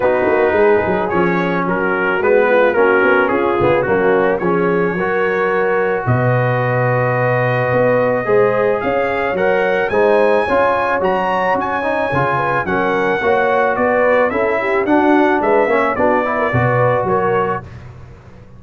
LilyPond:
<<
  \new Staff \with { instrumentName = "trumpet" } { \time 4/4 \tempo 4 = 109 b'2 cis''4 ais'4 | b'4 ais'4 gis'4 fis'4 | cis''2. dis''4~ | dis''1 |
f''4 fis''4 gis''2 | ais''4 gis''2 fis''4~ | fis''4 d''4 e''4 fis''4 | e''4 d''2 cis''4 | }
  \new Staff \with { instrumentName = "horn" } { \time 4/4 fis'4 gis'2 fis'4~ | fis'8 f'8 fis'4 f'4 cis'4 | gis'4 ais'2 b'4~ | b'2. c''4 |
cis''2 c''4 cis''4~ | cis''2~ cis''8 b'8 ais'4 | cis''4 b'4 a'8 g'8 fis'4 | b'8 cis''8 fis'8 b'16 ais'16 b'4 ais'4 | }
  \new Staff \with { instrumentName = "trombone" } { \time 4/4 dis'2 cis'2 | b4 cis'4. b8 ais4 | cis'4 fis'2.~ | fis'2. gis'4~ |
gis'4 ais'4 dis'4 f'4 | fis'4. dis'8 f'4 cis'4 | fis'2 e'4 d'4~ | d'8 cis'8 d'8 e'8 fis'2 | }
  \new Staff \with { instrumentName = "tuba" } { \time 4/4 b8 ais8 gis8 fis8 f4 fis4 | gis4 ais8 b8 cis'8 cis8 fis4 | f4 fis2 b,4~ | b,2 b4 gis4 |
cis'4 fis4 gis4 cis'4 | fis4 cis'4 cis4 fis4 | ais4 b4 cis'4 d'4 | gis8 ais8 b4 b,4 fis4 | }
>>